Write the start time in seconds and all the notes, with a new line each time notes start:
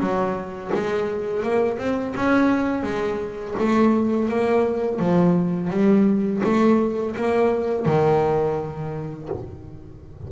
0.00 F#3
0.74 G#3
1.43 A#3
1.79 C4
2.16 C#4
2.83 G#3
3.59 A3
4.29 A#3
5.00 F3
5.70 G3
6.44 A3
7.16 A#3
7.86 D#3